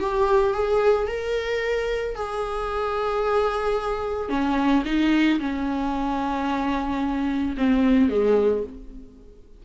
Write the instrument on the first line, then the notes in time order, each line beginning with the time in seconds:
viola
0.00 G4
0.54 G#4
1.07 A#4
2.15 G#4
4.29 C#4
4.85 D#4
5.40 C#4
7.57 C4
8.09 G#3